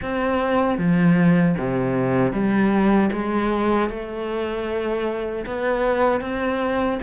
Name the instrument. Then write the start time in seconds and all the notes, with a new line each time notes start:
cello
0.02 C4
0.78 F3
1.58 C3
2.32 G3
3.12 G#3
3.89 A3
5.46 B3
6.21 C4